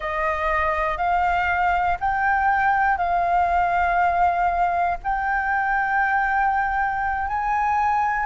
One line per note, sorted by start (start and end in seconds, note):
0.00 0.97 D#5
0.97 1.97 F5
2.00 2.97 G5
2.97 4.97 F5
5.03 7.27 G5
7.27 8.25 G#5